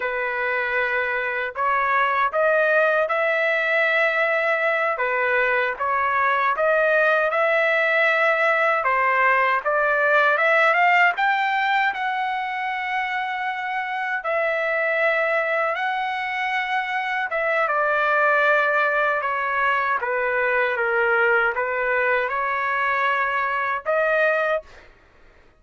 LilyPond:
\new Staff \with { instrumentName = "trumpet" } { \time 4/4 \tempo 4 = 78 b'2 cis''4 dis''4 | e''2~ e''8 b'4 cis''8~ | cis''8 dis''4 e''2 c''8~ | c''8 d''4 e''8 f''8 g''4 fis''8~ |
fis''2~ fis''8 e''4.~ | e''8 fis''2 e''8 d''4~ | d''4 cis''4 b'4 ais'4 | b'4 cis''2 dis''4 | }